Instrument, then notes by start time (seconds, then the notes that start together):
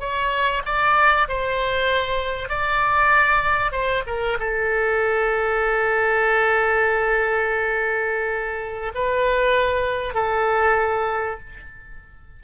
oboe
0.00 C#5
0.66 D5
1.29 C5
2.49 D5
3.72 C5
4.07 A#4
4.40 A4
8.95 B4
10.15 A4